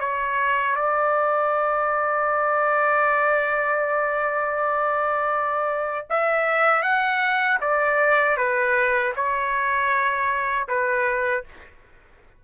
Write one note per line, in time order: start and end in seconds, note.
0.00 0.76 C#5
0.76 6.07 D5
6.10 6.83 E5
6.83 7.58 F#5
7.61 8.37 D5
8.37 9.13 B4
9.16 10.68 C#5
10.68 11.44 B4